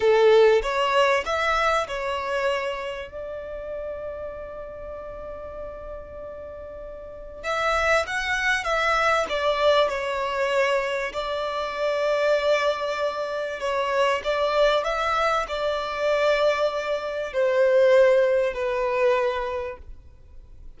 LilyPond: \new Staff \with { instrumentName = "violin" } { \time 4/4 \tempo 4 = 97 a'4 cis''4 e''4 cis''4~ | cis''4 d''2.~ | d''1 | e''4 fis''4 e''4 d''4 |
cis''2 d''2~ | d''2 cis''4 d''4 | e''4 d''2. | c''2 b'2 | }